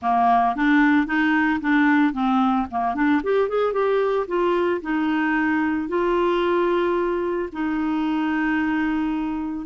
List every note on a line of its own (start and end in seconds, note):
0.02 0.55 A#3
0.55 1.06 D4
1.06 1.59 D#4
1.60 2.13 D4
2.13 2.66 C4
2.71 2.94 A#3
2.94 3.21 D4
3.23 3.48 G4
3.48 3.72 G#4
3.72 4.26 G4
4.27 4.81 F4
4.81 5.88 D#4
5.88 7.49 F4
7.52 9.66 D#4